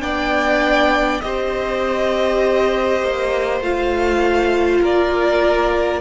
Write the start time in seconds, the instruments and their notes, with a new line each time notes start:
0.00 cello B3, viola D4, violin D5 G5
1.20 cello C4, viola G4, violin C5 D#5
3.02 cello A#3
3.60 cello A3, viola F4, violin F5
4.80 cello A#3, violin A#4 D5